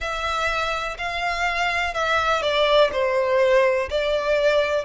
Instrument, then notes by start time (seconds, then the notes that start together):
violin
0.00 E5
0.98 F5
1.94 E5
2.42 D5
2.92 C5
3.90 D5